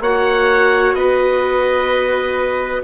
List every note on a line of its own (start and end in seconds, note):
0.00 0.94 A#3
0.00 2.83 F#4
0.00 0.95 C#5
0.00 0.94 F#5
0.94 2.81 B3
0.94 2.83 B4
0.94 2.82 D#5